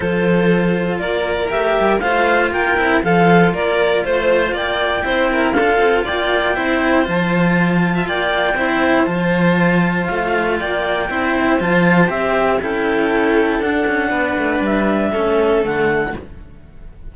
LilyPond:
<<
  \new Staff \with { instrumentName = "clarinet" } { \time 4/4 \tempo 4 = 119 c''2 d''4 e''4 | f''4 g''4 f''4 d''4 | c''4 g''2 f''4 | g''2 a''2 |
g''2 a''2 | f''4 g''2 a''4 | e''4 g''2 fis''4~ | fis''4 e''2 fis''4 | }
  \new Staff \with { instrumentName = "violin" } { \time 4/4 a'2 ais'2 | c''4 ais'4 a'4 ais'4 | c''4 d''4 c''8 ais'8 a'4 | d''4 c''2~ c''8. e''16 |
d''4 c''2.~ | c''4 d''4 c''2~ | c''4 a'2. | b'2 a'2 | }
  \new Staff \with { instrumentName = "cello" } { \time 4/4 f'2. g'4 | f'4. e'8 f'2~ | f'2 e'4 f'4~ | f'4 e'4 f'2~ |
f'4 e'4 f'2~ | f'2 e'4 f'4 | g'4 e'2 d'4~ | d'2 cis'4 a4 | }
  \new Staff \with { instrumentName = "cello" } { \time 4/4 f2 ais4 a8 g8 | a4 ais8 c'8 f4 ais4 | a4 ais4 c'4 d'8 c'8 | ais4 c'4 f2 |
ais4 c'4 f2 | a4 ais4 c'4 f4 | c'4 cis'2 d'8 cis'8 | b8 a8 g4 a4 d4 | }
>>